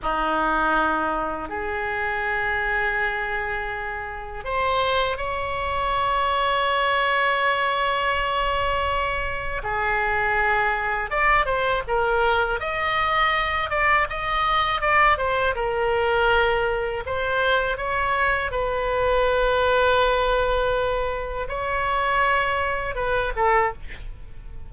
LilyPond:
\new Staff \with { instrumentName = "oboe" } { \time 4/4 \tempo 4 = 81 dis'2 gis'2~ | gis'2 c''4 cis''4~ | cis''1~ | cis''4 gis'2 d''8 c''8 |
ais'4 dis''4. d''8 dis''4 | d''8 c''8 ais'2 c''4 | cis''4 b'2.~ | b'4 cis''2 b'8 a'8 | }